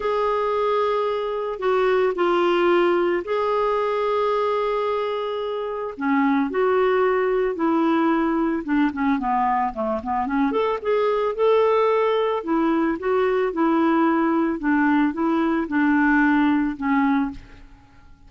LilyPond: \new Staff \with { instrumentName = "clarinet" } { \time 4/4 \tempo 4 = 111 gis'2. fis'4 | f'2 gis'2~ | gis'2. cis'4 | fis'2 e'2 |
d'8 cis'8 b4 a8 b8 cis'8 a'8 | gis'4 a'2 e'4 | fis'4 e'2 d'4 | e'4 d'2 cis'4 | }